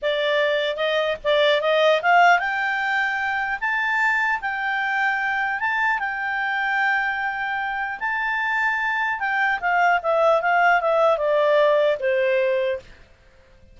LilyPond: \new Staff \with { instrumentName = "clarinet" } { \time 4/4 \tempo 4 = 150 d''2 dis''4 d''4 | dis''4 f''4 g''2~ | g''4 a''2 g''4~ | g''2 a''4 g''4~ |
g''1 | a''2. g''4 | f''4 e''4 f''4 e''4 | d''2 c''2 | }